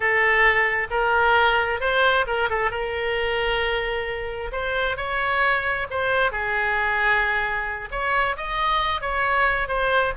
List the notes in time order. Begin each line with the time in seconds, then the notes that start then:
0.00 A4
0.90 A#4
1.80 C5
2.26 A#4
2.49 A4
2.70 A#4
4.52 C5
4.96 C#5
5.90 C5
6.31 G#4
7.91 C#5
8.36 D#5
9.01 C#5
9.68 C5